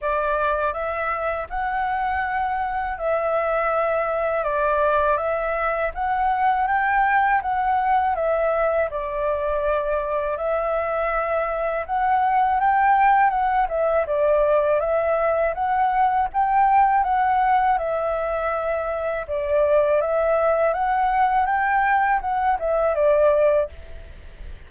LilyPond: \new Staff \with { instrumentName = "flute" } { \time 4/4 \tempo 4 = 81 d''4 e''4 fis''2 | e''2 d''4 e''4 | fis''4 g''4 fis''4 e''4 | d''2 e''2 |
fis''4 g''4 fis''8 e''8 d''4 | e''4 fis''4 g''4 fis''4 | e''2 d''4 e''4 | fis''4 g''4 fis''8 e''8 d''4 | }